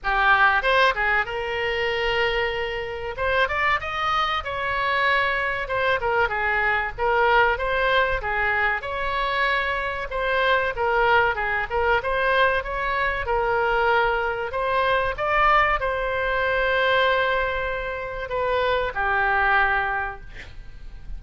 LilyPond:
\new Staff \with { instrumentName = "oboe" } { \time 4/4 \tempo 4 = 95 g'4 c''8 gis'8 ais'2~ | ais'4 c''8 d''8 dis''4 cis''4~ | cis''4 c''8 ais'8 gis'4 ais'4 | c''4 gis'4 cis''2 |
c''4 ais'4 gis'8 ais'8 c''4 | cis''4 ais'2 c''4 | d''4 c''2.~ | c''4 b'4 g'2 | }